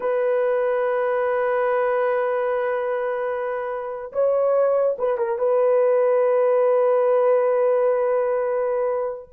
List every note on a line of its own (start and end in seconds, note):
0.00 4.12 B4
4.12 4.96 C#5
4.98 5.17 B4
5.17 5.38 A#4
5.38 9.29 B4